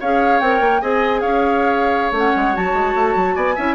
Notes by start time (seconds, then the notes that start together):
0.00 C#4 G#4 C#5 F5
0.40 C4 A#4 G5
0.60 A#3
0.81 C4 G#4 D#5 G#5
1.21 C#4 C#5 F5
2.11 A3 C#4
2.18 F#5
2.36 G#3
2.53 F#3 F#4 A5
2.74 G#3
2.95 A3
3.15 F#3
3.35 B3 D5 G#5
3.55 C#4 E4 E5